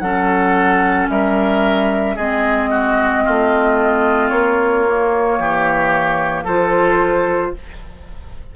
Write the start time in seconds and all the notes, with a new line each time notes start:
0.00 F#3 C#4 A4 F#5
1.09 G3 A#4 E5
2.16 G#3 C4 G#4 D#5
2.70 F#4
3.25 A3 F4
4.29 A#3 C#5
4.87 A#3
5.39 E3 G4
6.44 F3 F4 A4 C5